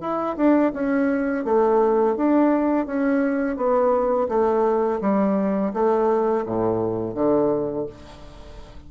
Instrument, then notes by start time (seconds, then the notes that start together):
bassoon
0.00 E4
0.36 D4
0.73 C#4
1.44 A3
2.16 D4
2.86 C#4
3.56 B3
4.28 A3
5.01 G3
5.73 A3
6.45 A2
7.14 D3